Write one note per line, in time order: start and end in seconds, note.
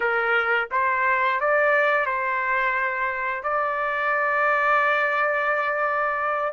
0.00 0.68 A#4
0.71 1.40 C5
1.40 2.06 D5
2.06 3.43 C5
3.43 6.53 D5